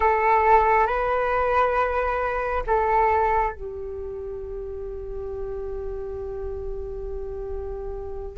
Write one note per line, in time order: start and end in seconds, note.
0.00 0.86 A4
0.86 2.63 B4
2.66 3.52 A4
3.52 8.37 G4